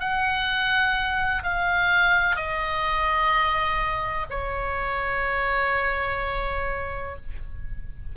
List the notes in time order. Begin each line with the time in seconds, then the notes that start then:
0.00 F#5
1.44 F5
2.36 D#5
4.30 C#5